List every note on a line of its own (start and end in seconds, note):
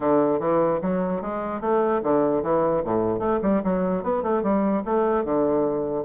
0.00 0.39 D3
0.39 0.79 E3
0.81 1.21 F#3
1.21 1.61 G#3
1.61 2.01 A3
2.03 2.42 D3
2.42 2.83 E3
2.84 3.19 A2
3.19 3.39 A3
3.42 3.62 G3
3.63 4.03 F#3
4.03 4.22 B3
4.22 4.42 A3
4.42 4.82 G3
4.85 5.24 A3
5.24 6.04 D3